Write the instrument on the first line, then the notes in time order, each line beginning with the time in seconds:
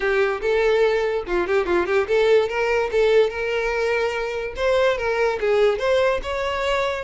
violin
0.00 G4
0.41 A4
1.27 F4
1.47 G4
1.66 F4
1.86 G4
2.07 A4
2.48 A#4
2.91 A4
3.30 A#4
4.56 C5
4.97 A#4
5.40 G#4
5.79 C5
6.22 C#5